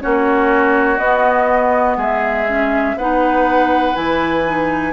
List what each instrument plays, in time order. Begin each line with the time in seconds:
0.00 bassoon A#3, clarinet C#4, oboe F#4, flute C#5
0.98 clarinet B3, bassoon B3, flute D#5
1.97 bassoon G#3, oboe G#4, flute E5
2.47 clarinet C#4
2.97 bassoon B3, clarinet D#4, oboe B4, flute F#5
3.94 bassoon E3, clarinet E4, flute G#5
4.46 clarinet D#4